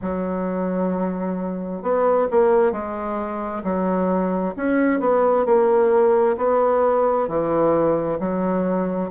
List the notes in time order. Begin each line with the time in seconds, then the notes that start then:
0.01 F#3
1.82 B3
2.31 A#3
2.71 G#3
3.63 F#3
4.56 C#4
5.00 B3
5.45 A#3
6.37 B3
7.28 E3
8.19 F#3